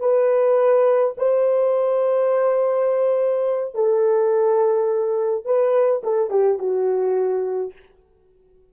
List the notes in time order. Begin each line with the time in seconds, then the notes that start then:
0.00 B4
1.18 C5
3.75 A4
5.45 B4
6.04 A4
6.30 G4
6.59 F#4